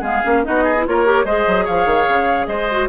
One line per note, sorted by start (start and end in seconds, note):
0.00 0.22 G#3
0.00 0.22 B3
0.00 0.41 G#4
0.00 0.44 F5
0.24 0.46 A#3
0.24 0.44 C#4
0.44 0.87 B3
0.44 0.74 D#4
0.44 0.64 F#4
0.44 0.85 D#5
0.64 0.84 G#4
0.77 0.86 E4
0.86 1.24 A#3
0.86 1.05 F4
0.86 1.25 A#4
0.86 1.25 C#5
1.05 1.26 G4
1.24 1.45 G#3
1.24 2.70 G#4
1.24 1.65 C5
1.24 1.66 D#5
1.47 1.67 F#3
1.65 1.85 F3
1.65 2.46 C#5
1.65 2.46 F5
1.85 2.06 D#3
2.08 2.47 C#3
2.46 2.88 G#3
2.46 2.88 C5
2.46 2.87 D#5
2.71 2.88 F#4